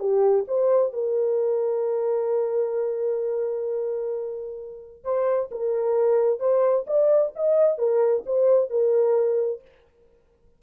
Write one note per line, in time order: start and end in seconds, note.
0.00 0.46 G4
0.48 0.93 C5
0.93 5.04 A#4
5.04 5.50 C5
5.52 6.40 A#4
6.40 6.86 C5
6.87 7.33 D5
7.36 7.78 D#5
7.78 8.24 A#4
8.27 8.71 C5
8.71 9.62 A#4